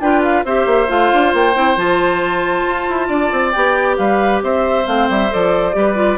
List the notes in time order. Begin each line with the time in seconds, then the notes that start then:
0.00 D4 F4 B4 G5
0.24 F5
0.45 C4 G4 C5 E5
0.66 A#3
0.88 A3 F4 F5
1.13 D4
1.34 A#3 G5
1.55 C4 E4
1.77 F3 F4 A5
2.68 F4
2.89 E4
3.08 D4 D5
3.32 C4
3.52 B3 G4 G5
3.97 G3 B4 F5
4.43 C4 C5 E5
4.85 A3 C4 F5
5.10 G3 E5
5.30 F3 A4 D5
5.73 G3 G4 B4
5.95 F4